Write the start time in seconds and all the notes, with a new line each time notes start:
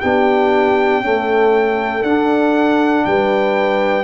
0.00 B3 D4 G4 G5
1.00 A3 C#4 A4
2.02 D4 F#5
3.04 G3 B4 G5